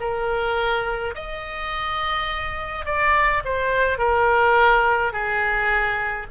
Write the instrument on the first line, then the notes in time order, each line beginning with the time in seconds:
oboe
0.00 A#4
1.15 D#5
2.85 D5
3.44 C5
3.98 A#4
5.12 G#4